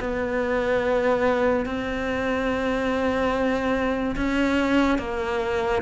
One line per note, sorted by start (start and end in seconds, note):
0.00 1.66 B3
1.66 4.16 C4
4.16 4.98 C#4
4.98 5.81 A#3